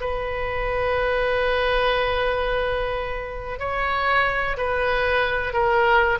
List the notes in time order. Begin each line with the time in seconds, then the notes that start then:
0.00 B4
3.59 C#5
4.57 B4
5.53 A#4